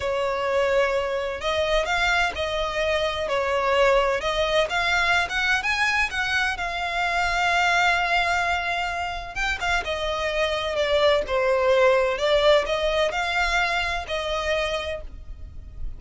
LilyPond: \new Staff \with { instrumentName = "violin" } { \time 4/4 \tempo 4 = 128 cis''2. dis''4 | f''4 dis''2 cis''4~ | cis''4 dis''4 f''4~ f''16 fis''8. | gis''4 fis''4 f''2~ |
f''1 | g''8 f''8 dis''2 d''4 | c''2 d''4 dis''4 | f''2 dis''2 | }